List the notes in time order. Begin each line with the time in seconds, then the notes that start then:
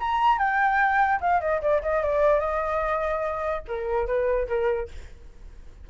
0.00 A#5
0.38 G5
1.21 F5
1.41 D#5
1.61 D5
1.82 D#5
2.03 D5
2.40 D#5
3.68 A#4
4.07 B4
4.48 A#4